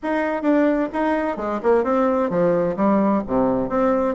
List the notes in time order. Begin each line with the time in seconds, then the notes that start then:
0.02 D#4
0.42 D4
0.92 D#4
1.37 G#3
1.63 A#3
1.84 C4
2.30 F3
2.76 G3
3.27 C3
3.69 C4